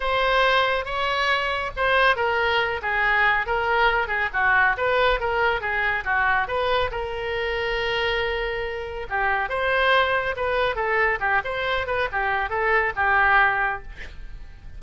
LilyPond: \new Staff \with { instrumentName = "oboe" } { \time 4/4 \tempo 4 = 139 c''2 cis''2 | c''4 ais'4. gis'4. | ais'4. gis'8 fis'4 b'4 | ais'4 gis'4 fis'4 b'4 |
ais'1~ | ais'4 g'4 c''2 | b'4 a'4 g'8 c''4 b'8 | g'4 a'4 g'2 | }